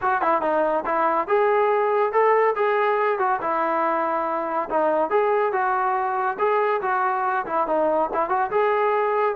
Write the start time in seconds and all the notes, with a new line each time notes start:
0.01 F#4
0.21 E4
0.41 D#4
0.85 E4
1.27 G#4
2.12 A4
2.55 G#4
3.18 F#4
3.41 E4
4.69 D#4
5.09 G#4
5.52 F#4
6.38 G#4
6.81 F#4
7.46 E4
7.67 D#4
8.13 E4
8.29 F#4
8.50 G#4